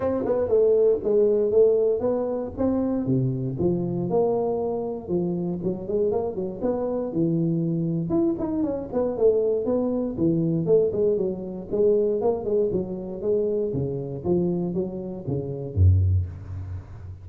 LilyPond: \new Staff \with { instrumentName = "tuba" } { \time 4/4 \tempo 4 = 118 c'8 b8 a4 gis4 a4 | b4 c'4 c4 f4 | ais2 f4 fis8 gis8 | ais8 fis8 b4 e2 |
e'8 dis'8 cis'8 b8 a4 b4 | e4 a8 gis8 fis4 gis4 | ais8 gis8 fis4 gis4 cis4 | f4 fis4 cis4 fis,4 | }